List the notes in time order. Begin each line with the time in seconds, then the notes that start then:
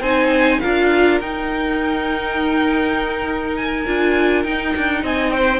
0.00 C4 D#4 C5 G#5
0.60 D4 F4 A#4 F5
1.20 D#4 G5
3.56 G#5
3.86 D4 F4
4.43 D#4 G5
4.76 D4
5.03 C4 D#5 G#5
5.30 C5 G5